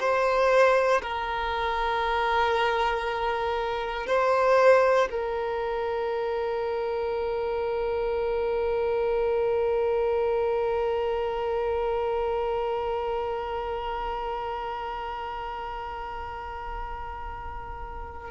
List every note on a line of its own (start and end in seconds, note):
0.00 1.02 C5
1.02 4.07 A#4
4.07 5.08 C5
5.11 18.31 A#4